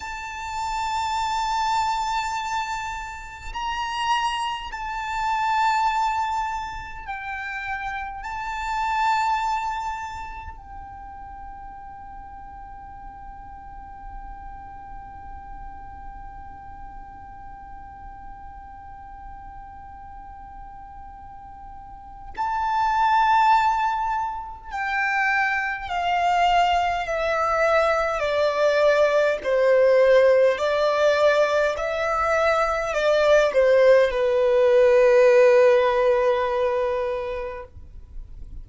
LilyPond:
\new Staff \with { instrumentName = "violin" } { \time 4/4 \tempo 4 = 51 a''2. ais''4 | a''2 g''4 a''4~ | a''4 g''2.~ | g''1~ |
g''2. a''4~ | a''4 g''4 f''4 e''4 | d''4 c''4 d''4 e''4 | d''8 c''8 b'2. | }